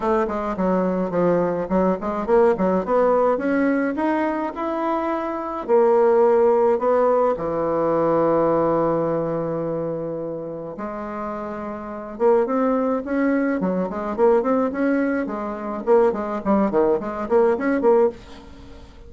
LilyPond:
\new Staff \with { instrumentName = "bassoon" } { \time 4/4 \tempo 4 = 106 a8 gis8 fis4 f4 fis8 gis8 | ais8 fis8 b4 cis'4 dis'4 | e'2 ais2 | b4 e2.~ |
e2. gis4~ | gis4. ais8 c'4 cis'4 | fis8 gis8 ais8 c'8 cis'4 gis4 | ais8 gis8 g8 dis8 gis8 ais8 cis'8 ais8 | }